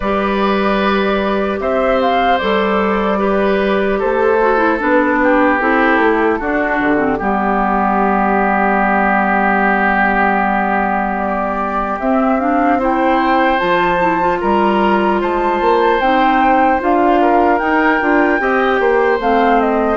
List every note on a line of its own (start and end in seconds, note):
0.00 1.59 G3
0.00 2.41 G4
0.00 1.59 B4
0.00 1.59 D5
1.59 2.39 C4
1.59 3.18 C5
1.59 2.00 E5
2.01 2.38 F5
2.38 4.02 G3
2.38 3.18 A4
2.38 3.98 D5
3.18 4.38 G4
3.18 3.98 B4
3.99 4.81 A3
3.99 5.19 A4
3.99 4.80 C5
4.40 4.57 F#4
4.57 4.77 E4
4.79 5.60 B3
4.79 5.59 D4
4.79 5.60 B4
5.23 6.39 G4
5.60 5.99 C4
5.60 6.40 E4
5.60 6.78 A4
5.99 6.39 A3
6.39 6.80 D4
6.39 6.97 D4
6.39 7.18 F#4
6.78 7.20 D3
6.78 11.18 G4
6.97 7.17 C4
7.18 11.99 G3
7.18 11.99 B3
7.18 12.78 G4
11.18 11.98 D5
11.99 13.59 C4
11.99 12.39 C4
11.99 12.40 E5
12.39 12.79 D4
12.39 12.80 F5
12.78 13.58 E4
12.78 14.38 C5
12.78 13.59 G5
13.58 14.41 F3
13.58 13.98 F4
13.58 14.39 A5
14.00 14.20 E4
14.20 16.00 F4
14.40 15.22 G3
14.40 15.20 A#4
14.40 15.20 A#5
15.21 15.60 G#3
15.21 17.21 C5
15.21 16.00 A5
15.60 16.00 A#3
16.00 16.80 C4
16.00 16.79 D#4
16.00 16.80 G5
16.79 17.60 D4
16.79 17.59 F4
16.79 17.59 F5
17.21 18.41 A#4
17.59 17.99 D#4
17.59 18.00 D#4
17.59 19.19 G5
18.01 18.39 D4
18.01 18.39 F4
18.39 18.79 C4
18.39 19.19 G4
18.39 18.80 D#5
18.79 19.19 A#3
18.79 19.97 C5
19.19 19.97 A3
19.19 19.97 C4
19.19 19.60 F5
19.60 19.97 D#5